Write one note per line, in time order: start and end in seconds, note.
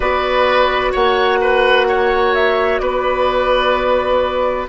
0.00 0.92 B3
0.00 4.68 F#4
0.00 0.91 B4
0.00 0.93 D5
0.91 2.80 A#3
0.91 1.38 C#5
0.91 2.34 F#5
1.40 1.87 B4
1.88 2.81 C#5
2.34 2.78 E5
2.78 4.67 B3
2.78 4.68 B4
2.78 4.66 D5